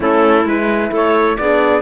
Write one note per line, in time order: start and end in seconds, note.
0.00 0.44 A3
0.00 0.43 C#4
0.00 0.91 E4
0.00 0.47 A4
0.45 0.90 G#3
0.45 1.39 E4
0.45 0.93 B4
0.91 1.37 A3
0.91 1.36 A4
0.91 1.37 C#5
1.37 1.81 B3
1.37 1.81 D4
1.37 1.81 G#4
1.37 1.81 D5